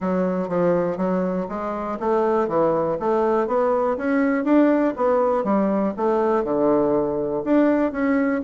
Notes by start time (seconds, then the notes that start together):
0.00 F#3
0.48 F3
0.97 F#3
1.48 G#3
1.99 A3
2.47 E3
2.99 A3
3.47 B3
3.97 C#4
4.44 D4
4.96 B3
5.44 G3
5.96 A3
6.44 D3
7.44 D4
7.92 C#4